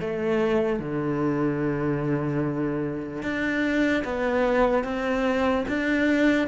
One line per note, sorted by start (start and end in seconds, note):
0.00 0.79 A3
0.79 3.22 D3
3.22 4.04 D4
4.04 4.84 B3
4.84 5.65 C4
5.68 6.48 D4